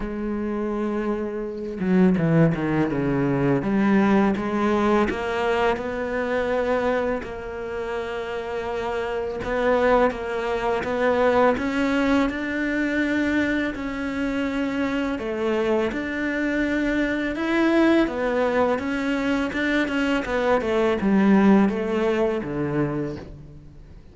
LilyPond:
\new Staff \with { instrumentName = "cello" } { \time 4/4 \tempo 4 = 83 gis2~ gis8 fis8 e8 dis8 | cis4 g4 gis4 ais4 | b2 ais2~ | ais4 b4 ais4 b4 |
cis'4 d'2 cis'4~ | cis'4 a4 d'2 | e'4 b4 cis'4 d'8 cis'8 | b8 a8 g4 a4 d4 | }